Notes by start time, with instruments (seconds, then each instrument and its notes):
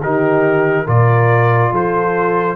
0.00 tuba D#3, trombone D#4, horn G4, trumpet A#4
0.84 tuba A#2, trombone F4, horn A#4, trumpet D5
1.71 tuba F3, horn A4, trumpet C5